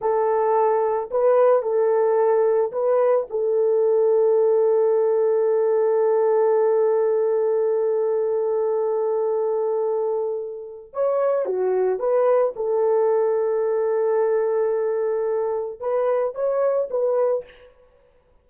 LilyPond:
\new Staff \with { instrumentName = "horn" } { \time 4/4 \tempo 4 = 110 a'2 b'4 a'4~ | a'4 b'4 a'2~ | a'1~ | a'1~ |
a'1 | cis''4 fis'4 b'4 a'4~ | a'1~ | a'4 b'4 cis''4 b'4 | }